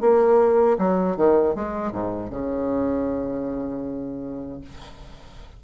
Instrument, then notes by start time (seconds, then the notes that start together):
bassoon
0.00 A#3
0.78 F#3
1.16 D#3
1.55 G#3
1.92 G#2
2.30 C#3